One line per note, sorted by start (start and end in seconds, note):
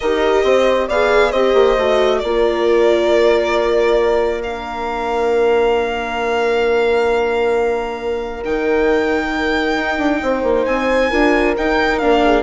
0.00 0.44 D#4
0.00 0.91 G4
0.00 0.43 A#4
0.00 0.87 D#5
0.43 0.88 C4
0.43 0.88 C5
0.88 1.33 B3
0.88 1.33 G#4
0.88 1.31 D5
0.88 1.31 F5
1.31 1.54 C4
1.31 1.77 G4
1.31 2.20 C5
1.31 2.19 D#5
1.54 1.76 A#3
1.78 2.22 A3
1.78 2.23 F#4
2.19 8.45 A#3
2.19 4.44 F4
2.19 10.22 A#4
2.19 4.41 D5
4.43 8.44 D4
4.43 8.43 F5
8.44 9.76 D#3
8.44 11.11 D#4
8.44 10.65 G5
9.76 9.97 D#4
9.97 10.20 D4
10.22 10.42 C4
10.22 11.10 C5
10.42 10.65 A#3
10.65 11.11 C4
10.65 11.54 G#5
11.10 11.56 D4
11.10 11.55 F4
11.10 12.21 A#4
11.57 12.01 D#4
11.57 12.02 D#4
11.57 11.98 G5
11.98 12.43 A#3
11.98 12.43 D4
11.98 12.42 F5
12.25 12.43 G#4